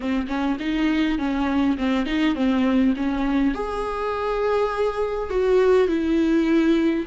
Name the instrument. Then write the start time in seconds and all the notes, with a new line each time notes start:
viola
0.00 C4
0.27 C#4
0.59 D#4
1.18 C#4
1.77 C4
2.06 D#4
2.35 C4
2.96 C#4
3.54 G#4
5.30 F#4
5.88 E4